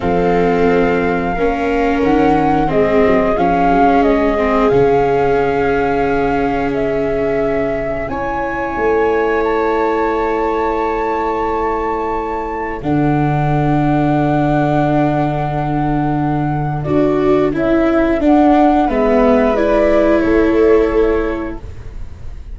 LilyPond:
<<
  \new Staff \with { instrumentName = "flute" } { \time 4/4 \tempo 4 = 89 f''2. fis''4 | dis''4 f''4 dis''4 f''4~ | f''2 e''2 | gis''2 a''2~ |
a''2. fis''4~ | fis''1~ | fis''4 d''4 e''4 fis''4 | e''4 d''4 cis''2 | }
  \new Staff \with { instrumentName = "viola" } { \time 4/4 a'2 ais'2 | gis'1~ | gis'1 | cis''1~ |
cis''2. a'4~ | a'1~ | a'1 | b'2 a'2 | }
  \new Staff \with { instrumentName = "viola" } { \time 4/4 c'2 cis'2 | c'4 cis'4. c'8 cis'4~ | cis'1 | e'1~ |
e'2. d'4~ | d'1~ | d'4 fis'4 e'4 d'4 | b4 e'2. | }
  \new Staff \with { instrumentName = "tuba" } { \time 4/4 f2 ais4 dis4 | gis8 fis8 f8 fis8 gis4 cis4~ | cis1 | cis'4 a2.~ |
a2. d4~ | d1~ | d4 d'4 cis'4 d'4 | gis2 a2 | }
>>